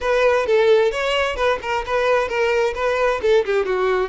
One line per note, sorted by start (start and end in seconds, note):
0.00 0.46 B4
0.46 0.91 A4
0.91 1.36 C#5
1.36 1.59 B4
1.62 1.84 A#4
1.85 2.28 B4
2.28 2.74 A#4
2.75 3.20 B4
3.22 3.45 A4
3.45 3.65 G4
3.65 4.09 F#4